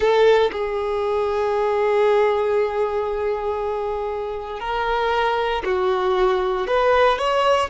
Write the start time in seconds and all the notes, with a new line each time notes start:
0.00 A4
0.52 G#4
4.60 A#4
5.64 F#4
6.67 B4
7.18 C#5